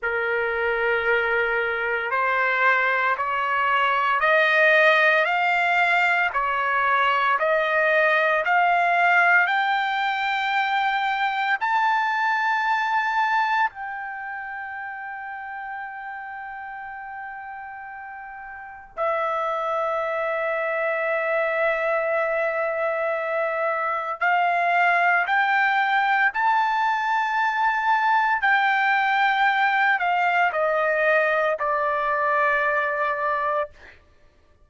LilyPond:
\new Staff \with { instrumentName = "trumpet" } { \time 4/4 \tempo 4 = 57 ais'2 c''4 cis''4 | dis''4 f''4 cis''4 dis''4 | f''4 g''2 a''4~ | a''4 g''2.~ |
g''2 e''2~ | e''2. f''4 | g''4 a''2 g''4~ | g''8 f''8 dis''4 d''2 | }